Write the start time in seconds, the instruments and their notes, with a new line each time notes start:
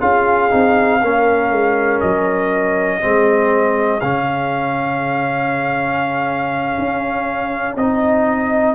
0.00 tuba C#4, trombone F4, horn G#4, trumpet F5
0.50 tuba C4, trombone D#4
1.01 tuba A#3, trombone C#4, horn A#4
1.51 tuba G#3
2.00 tuba F#3, trumpet D#5
3.00 tuba G#3, trombone C4, horn G#4
4.00 tuba C#3, trombone C#4, trumpet F5
6.78 tuba C#4
7.76 tuba C4, trombone D#4, trumpet D#5